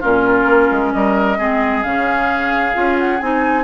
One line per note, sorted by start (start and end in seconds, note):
0.00 0.46 A#2
0.00 1.39 C#4
0.00 0.91 F4
0.00 0.93 A#4
0.46 0.69 A#3
0.71 0.94 G#3
0.93 1.39 G3
0.93 1.38 A#4
0.93 1.83 D#5
1.38 1.84 G#3
1.38 1.83 C4
1.38 3.64 G#4
1.83 2.76 C#3
1.83 2.74 C#4
1.83 2.97 F5
2.74 3.21 C#4
2.74 3.19 F4
2.99 3.21 F#5
3.21 3.64 C4
3.21 3.64 D#4
3.21 3.64 G#5